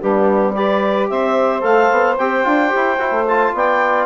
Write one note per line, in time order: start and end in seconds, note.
0.00 1.10 G3
0.00 0.55 B3
0.00 0.54 D4
0.00 0.53 G4
0.53 1.61 G4
0.53 1.09 B4
0.53 1.07 D5
1.09 1.63 C4
1.09 3.53 C5
1.09 1.62 E5
1.61 1.90 A3
1.61 2.15 A4
1.61 2.16 F5
1.91 2.18 B3
2.17 2.45 C4
2.17 2.43 G4
2.17 3.25 G5
2.43 2.72 D4
2.43 2.68 F4
2.68 2.95 G4
2.75 2.97 E4
2.97 3.26 E4
2.97 3.10 F#4
3.10 3.51 A3
3.27 4.05 F4
3.27 3.54 A5
3.53 4.05 B3
3.53 4.05 D5
3.53 4.05 G5